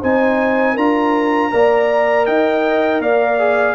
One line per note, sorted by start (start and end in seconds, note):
0.00 0.77 C4
0.00 0.77 D#4
0.00 0.74 C5
0.00 0.77 G#5
0.74 1.52 D4
0.74 1.51 F4
0.74 1.49 A#4
0.74 2.26 A#5
1.51 2.27 A#3
1.51 3.39 A#4
1.51 2.27 D5
2.26 3.00 D#4
2.26 3.02 D#5
2.26 3.01 G5
3.00 3.75 A#3
3.00 3.75 D5
3.00 3.75 F5
3.39 3.75 G#4